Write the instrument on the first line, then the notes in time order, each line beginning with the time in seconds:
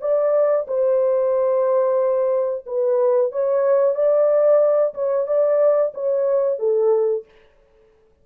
horn
0.00 D5
0.67 C5
2.66 B4
3.31 C#5
3.95 D5
4.94 C#5
5.27 D5
5.94 C#5
6.59 A4